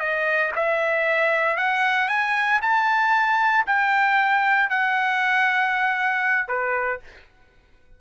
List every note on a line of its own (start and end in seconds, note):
0.00 0.52 D#5
0.56 1.57 E5
1.57 2.09 F#5
2.09 2.60 G#5
2.62 3.66 A5
3.67 4.70 G5
4.70 6.48 F#5
6.48 7.00 B4